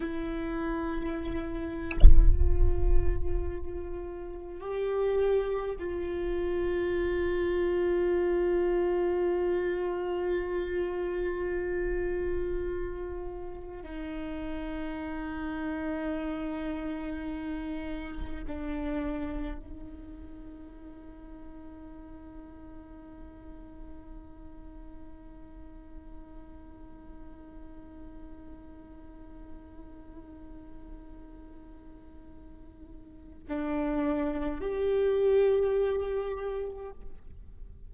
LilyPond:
\new Staff \with { instrumentName = "viola" } { \time 4/4 \tempo 4 = 52 e'2 f'2 | g'4 f'2.~ | f'1 | dis'1 |
d'4 dis'2.~ | dis'1~ | dis'1~ | dis'4 d'4 g'2 | }